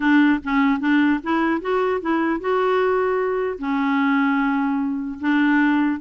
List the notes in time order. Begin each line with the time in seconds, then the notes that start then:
0.00 D4
0.43 C#4
0.80 D4
1.23 E4
1.61 F#4
2.01 E4
2.40 F#4
3.59 C#4
5.20 D4